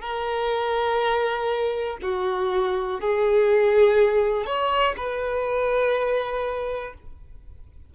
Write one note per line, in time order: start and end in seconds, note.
0.00 1.97 A#4
2.02 3.00 F#4
3.00 4.46 G#4
4.46 4.95 C#5
4.97 6.93 B4